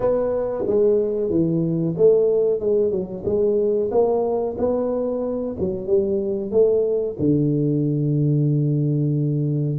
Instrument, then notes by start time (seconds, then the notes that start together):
tuba
0.00 B3
0.67 G#3
1.30 E3
1.97 A3
2.60 G#3
2.91 F#3
3.25 G#3
3.91 A#3
4.58 B3
5.59 F#3
5.87 G3
6.51 A3
7.19 D3